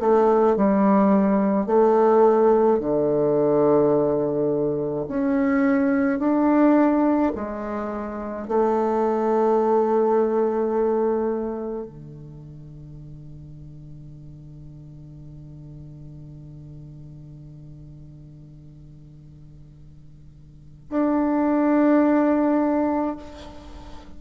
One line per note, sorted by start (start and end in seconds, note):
0.00 0.56 A3
0.56 1.67 G3
1.67 2.80 A3
2.80 5.06 D3
5.08 6.19 C#4
6.19 7.32 D4
7.35 8.48 G#3
8.48 11.86 A3
11.86 20.90 D3
20.90 23.16 D4